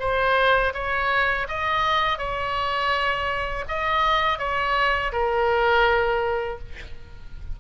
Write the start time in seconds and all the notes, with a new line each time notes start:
0.00 C5
0.74 C#5
1.48 D#5
2.18 C#5
3.68 D#5
4.39 C#5
5.12 A#4